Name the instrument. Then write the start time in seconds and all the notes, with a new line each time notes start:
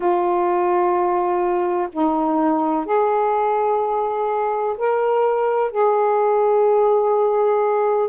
saxophone
0.00 F4
1.92 D#4
2.85 G#4
4.77 A#4
5.71 G#4